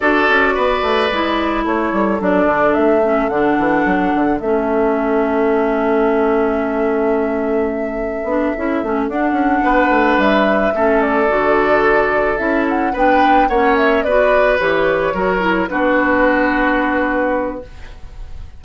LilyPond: <<
  \new Staff \with { instrumentName = "flute" } { \time 4/4 \tempo 4 = 109 d''2. cis''4 | d''4 e''4 fis''2 | e''1~ | e''1~ |
e''8 fis''2 e''4. | d''2~ d''8 e''8 fis''8 g''8~ | g''8 fis''8 e''8 d''4 cis''4.~ | cis''8 b'2.~ b'8 | }
  \new Staff \with { instrumentName = "oboe" } { \time 4/4 a'4 b'2 a'4~ | a'1~ | a'1~ | a'1~ |
a'4. b'2 a'8~ | a'2.~ a'8 b'8~ | b'8 cis''4 b'2 ais'8~ | ais'8 fis'2.~ fis'8 | }
  \new Staff \with { instrumentName = "clarinet" } { \time 4/4 fis'2 e'2 | d'4. cis'8 d'2 | cis'1~ | cis'2. d'8 e'8 |
cis'8 d'2. cis'8~ | cis'8 fis'2 e'4 d'8~ | d'8 cis'4 fis'4 g'4 fis'8 | e'8 d'2.~ d'8 | }
  \new Staff \with { instrumentName = "bassoon" } { \time 4/4 d'8 cis'8 b8 a8 gis4 a8 g8 | fis8 d8 a4 d8 e8 fis8 d8 | a1~ | a2. b8 cis'8 |
a8 d'8 cis'8 b8 a8 g4 a8~ | a8 d2 cis'4 b8~ | b8 ais4 b4 e4 fis8~ | fis8 b2.~ b8 | }
>>